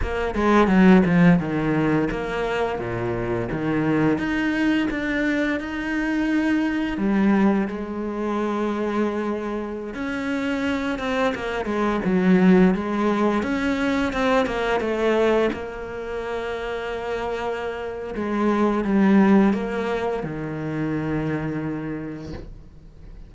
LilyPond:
\new Staff \with { instrumentName = "cello" } { \time 4/4 \tempo 4 = 86 ais8 gis8 fis8 f8 dis4 ais4 | ais,4 dis4 dis'4 d'4 | dis'2 g4 gis4~ | gis2~ gis16 cis'4. c'16~ |
c'16 ais8 gis8 fis4 gis4 cis'8.~ | cis'16 c'8 ais8 a4 ais4.~ ais16~ | ais2 gis4 g4 | ais4 dis2. | }